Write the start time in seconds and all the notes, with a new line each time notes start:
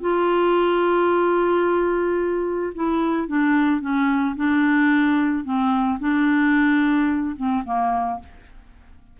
0.00 F4
2.74 E4
3.27 D4
3.80 C#4
4.36 D4
5.44 C4
5.99 D4
7.36 C4
7.64 A#3